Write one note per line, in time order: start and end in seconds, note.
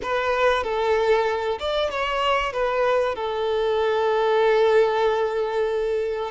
0.02 0.63 B4
0.63 1.58 A4
1.59 1.90 D5
1.90 2.53 C#5
2.53 3.15 B4
3.15 6.31 A4